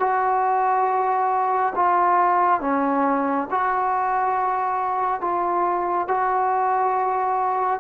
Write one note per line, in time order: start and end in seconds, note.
0.00 1.74 F#4
1.76 2.61 F4
2.61 3.48 C#4
3.51 5.21 F#4
5.21 6.08 F4
6.08 7.81 F#4